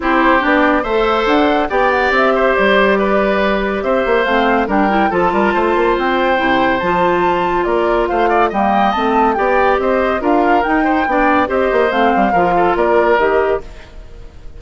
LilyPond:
<<
  \new Staff \with { instrumentName = "flute" } { \time 4/4 \tempo 4 = 141 c''4 d''4 e''4 fis''4 | g''8 fis''8 e''4 d''2~ | d''4 e''4 f''4 g''4 | a''2 g''2 |
a''2 d''4 f''4 | g''4 a''4 g''4 dis''4 | f''4 g''2 dis''4 | f''2 d''4 dis''4 | }
  \new Staff \with { instrumentName = "oboe" } { \time 4/4 g'2 c''2 | d''4. c''4. b'4~ | b'4 c''2 ais'4 | a'8 ais'8 c''2.~ |
c''2 ais'4 c''8 d''8 | dis''2 d''4 c''4 | ais'4. c''8 d''4 c''4~ | c''4 ais'8 a'8 ais'2 | }
  \new Staff \with { instrumentName = "clarinet" } { \time 4/4 e'4 d'4 a'2 | g'1~ | g'2 c'4 d'8 e'8 | f'2. e'4 |
f'1 | ais4 c'4 g'2 | f'4 dis'4 d'4 g'4 | c'4 f'2 g'4 | }
  \new Staff \with { instrumentName = "bassoon" } { \time 4/4 c'4 b4 a4 d'4 | b4 c'4 g2~ | g4 c'8 ais8 a4 g4 | f8 g8 a8 ais8 c'4 c4 |
f2 ais4 a4 | g4 a4 b4 c'4 | d'4 dis'4 b4 c'8 ais8 | a8 g8 f4 ais4 dis4 | }
>>